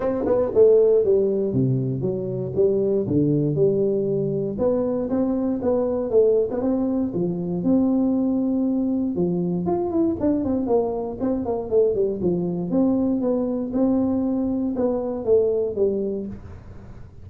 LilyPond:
\new Staff \with { instrumentName = "tuba" } { \time 4/4 \tempo 4 = 118 c'8 b8 a4 g4 c4 | fis4 g4 d4 g4~ | g4 b4 c'4 b4 | a8. b16 c'4 f4 c'4~ |
c'2 f4 f'8 e'8 | d'8 c'8 ais4 c'8 ais8 a8 g8 | f4 c'4 b4 c'4~ | c'4 b4 a4 g4 | }